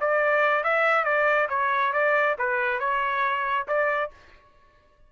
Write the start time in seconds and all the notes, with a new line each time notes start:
0.00 D5
0.63 E5
1.04 D5
1.49 C#5
1.92 D5
2.38 B4
2.79 C#5
3.67 D5